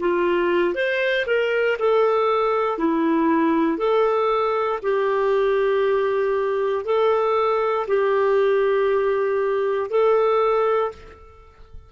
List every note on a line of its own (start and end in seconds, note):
0.00 0.75 F4
0.75 1.26 C5
1.27 1.78 A#4
1.79 2.78 A4
2.78 3.78 E4
3.78 4.80 A4
4.83 6.85 G4
6.85 7.87 A4
7.88 9.90 G4
9.90 10.92 A4